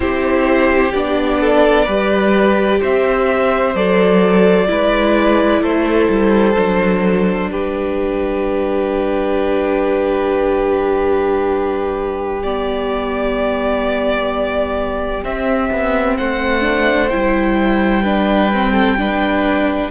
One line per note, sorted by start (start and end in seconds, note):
0.00 0.93 C4
0.00 0.93 E4
0.00 1.40 G4
0.00 0.92 C5
0.92 1.87 B3
0.92 1.87 D4
0.92 2.80 D5
1.40 1.85 A4
1.85 2.81 G3
1.85 3.75 G4
1.85 2.79 B4
2.79 3.74 C4
2.79 4.67 C5
2.79 3.76 E5
3.74 4.68 F#3
3.74 4.67 A4
3.74 5.63 D5
4.67 5.61 G#3
4.67 6.54 E4
4.67 5.62 B4
5.61 6.08 A3
5.61 7.49 A4
5.61 7.50 C5
6.09 6.56 G3
6.55 7.49 F#3
6.55 12.41 D4
7.49 15.22 G3
7.49 16.17 G4
7.49 12.42 B4
12.42 15.23 B3
12.42 15.24 D5
15.23 16.61 C4
15.23 15.70 C4
15.23 16.17 E5
15.71 16.18 B3
16.17 17.12 A3
16.17 18.03 C5
16.17 17.09 F#5
16.61 17.08 D4
17.09 19.91 G3
17.09 18.04 E4
17.09 19.90 G5
18.03 18.51 D4
18.03 18.72 B4
18.53 18.98 C4
18.72 18.95 A4
18.98 19.91 D4
18.98 19.91 B4